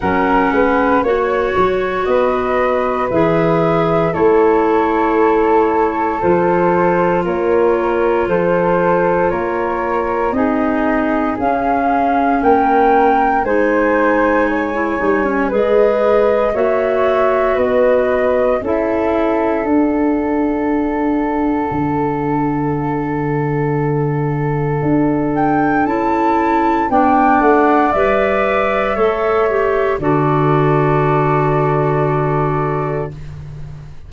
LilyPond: <<
  \new Staff \with { instrumentName = "flute" } { \time 4/4 \tempo 4 = 58 fis''4 cis''4 dis''4 e''4 | cis''2 c''4 cis''4 | c''4 cis''4 dis''4 f''4 | g''4 gis''2 dis''4 |
e''4 dis''4 e''4 fis''4~ | fis''1~ | fis''8 g''8 a''4 g''8 fis''8 e''4~ | e''4 d''2. | }
  \new Staff \with { instrumentName = "flute" } { \time 4/4 ais'8 b'8 cis''4 b'2 | a'2. ais'4 | a'4 ais'4 gis'2 | ais'4 c''4 cis''4 b'4 |
cis''4 b'4 a'2~ | a'1~ | a'2 d''2 | cis''4 a'2. | }
  \new Staff \with { instrumentName = "clarinet" } { \time 4/4 cis'4 fis'2 gis'4 | e'2 f'2~ | f'2 dis'4 cis'4~ | cis'4 dis'4~ dis'16 e'16 dis'16 cis'16 gis'4 |
fis'2 e'4 d'4~ | d'1~ | d'4 e'4 d'4 b'4 | a'8 g'8 fis'2. | }
  \new Staff \with { instrumentName = "tuba" } { \time 4/4 fis8 gis8 ais8 fis8 b4 e4 | a2 f4 ais4 | f4 ais4 c'4 cis'4 | ais4 gis4. g8 gis4 |
ais4 b4 cis'4 d'4~ | d'4 d2. | d'4 cis'4 b8 a8 g4 | a4 d2. | }
>>